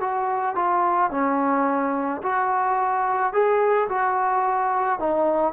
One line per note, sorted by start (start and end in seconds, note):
0.00 0.55 F#4
0.55 1.10 F4
1.10 2.21 C#4
2.22 3.33 F#4
3.33 3.88 G#4
3.89 4.99 F#4
4.99 5.53 D#4